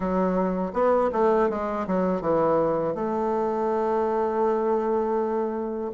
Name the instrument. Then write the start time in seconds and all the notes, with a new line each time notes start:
bassoon
0.00 F#3
0.73 B3
1.12 A3
1.49 G#3
1.87 F#3
2.21 E3
2.95 A3